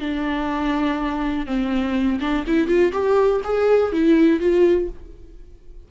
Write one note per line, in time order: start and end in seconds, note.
0.00 1.46 D4
1.47 2.20 C4
2.20 2.45 D4
2.47 2.68 E4
2.68 2.92 F4
2.92 3.41 G4
3.44 3.92 G#4
3.92 4.40 E4
4.40 4.89 F4